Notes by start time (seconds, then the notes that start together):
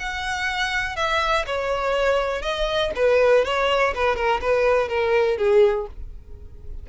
0.00 F#5
0.97 E5
1.47 C#5
2.43 D#5
2.96 B4
3.45 C#5
3.95 B4
4.16 A#4
4.42 B4
4.89 A#4
5.38 G#4